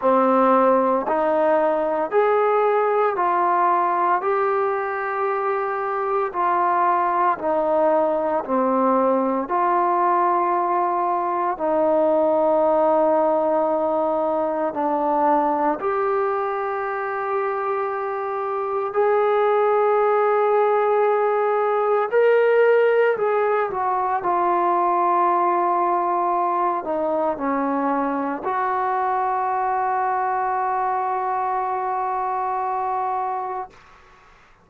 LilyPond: \new Staff \with { instrumentName = "trombone" } { \time 4/4 \tempo 4 = 57 c'4 dis'4 gis'4 f'4 | g'2 f'4 dis'4 | c'4 f'2 dis'4~ | dis'2 d'4 g'4~ |
g'2 gis'2~ | gis'4 ais'4 gis'8 fis'8 f'4~ | f'4. dis'8 cis'4 fis'4~ | fis'1 | }